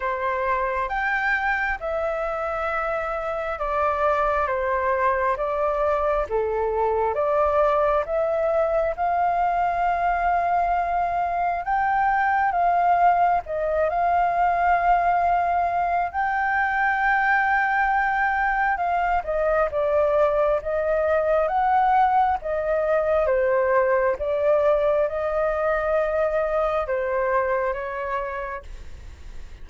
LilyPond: \new Staff \with { instrumentName = "flute" } { \time 4/4 \tempo 4 = 67 c''4 g''4 e''2 | d''4 c''4 d''4 a'4 | d''4 e''4 f''2~ | f''4 g''4 f''4 dis''8 f''8~ |
f''2 g''2~ | g''4 f''8 dis''8 d''4 dis''4 | fis''4 dis''4 c''4 d''4 | dis''2 c''4 cis''4 | }